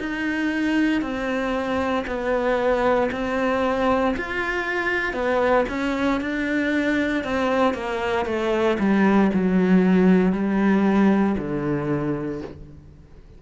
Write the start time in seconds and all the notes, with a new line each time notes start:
0.00 D#4
1.02 C4
2.07 B3
3.12 C4
4.17 F4
5.13 B3
5.69 C#4
6.21 D4
7.24 C4
7.74 A#3
8.26 A3
8.79 G3
9.33 F#3
10.33 G3
11.38 D3